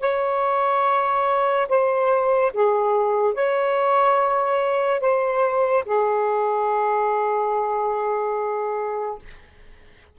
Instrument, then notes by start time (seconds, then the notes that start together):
saxophone
0.00 C#5
1.68 C5
2.53 G#4
3.33 C#5
5.00 C5
5.85 G#4